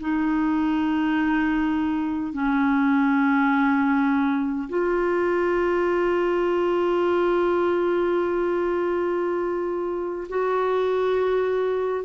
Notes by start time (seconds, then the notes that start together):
0.00 D#4
2.33 C#4
4.68 F4
10.28 F#4